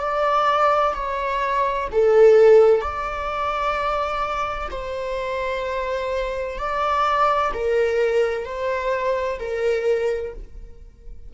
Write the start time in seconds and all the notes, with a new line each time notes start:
0.00 D5
0.94 C#5
1.92 A4
2.81 D5
4.71 C5
6.58 D5
7.54 A#4
8.45 C5
9.40 A#4